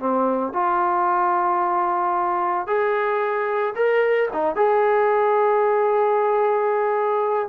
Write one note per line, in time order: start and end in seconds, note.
0.00 0.54 C4
0.54 2.67 F4
2.67 3.75 G#4
3.76 4.29 A#4
4.33 4.56 D#4
4.56 7.50 G#4